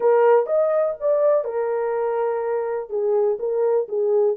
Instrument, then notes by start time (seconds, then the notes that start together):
horn
0.00 A#4
0.46 D#5
1.00 D5
1.44 A#4
2.89 G#4
3.39 A#4
3.88 G#4